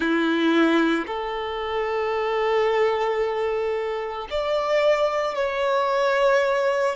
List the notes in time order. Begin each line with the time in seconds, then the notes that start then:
0.00 E4
1.06 A4
4.30 D5
5.34 C#5